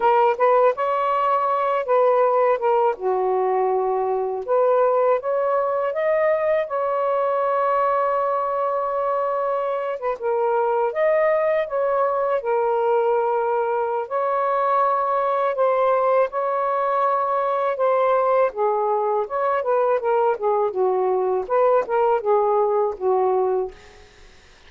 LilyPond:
\new Staff \with { instrumentName = "saxophone" } { \time 4/4 \tempo 4 = 81 ais'8 b'8 cis''4. b'4 ais'8 | fis'2 b'4 cis''4 | dis''4 cis''2.~ | cis''4. b'16 ais'4 dis''4 cis''16~ |
cis''8. ais'2~ ais'16 cis''4~ | cis''4 c''4 cis''2 | c''4 gis'4 cis''8 b'8 ais'8 gis'8 | fis'4 b'8 ais'8 gis'4 fis'4 | }